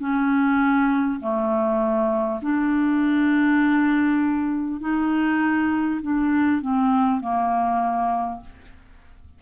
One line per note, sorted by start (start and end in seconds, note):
0.00 1.20 C#4
1.21 2.41 A3
2.42 4.81 D4
4.81 6.01 D#4
6.02 6.62 D4
6.62 7.21 C4
7.21 8.41 A#3